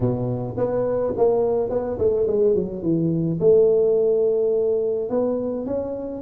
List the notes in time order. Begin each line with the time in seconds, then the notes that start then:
0.00 B2
0.57 B3
1.17 A#3
1.69 B3
1.98 A3
2.27 G#3
2.54 F#3
2.82 E3
3.40 A3
5.09 B3
5.66 C#4